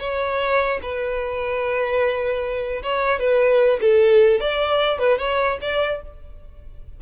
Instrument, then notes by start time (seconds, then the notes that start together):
violin
0.00 C#5
0.83 B4
2.83 C#5
3.20 B4
3.81 A4
4.41 D5
4.99 B4
5.19 C#5
5.61 D5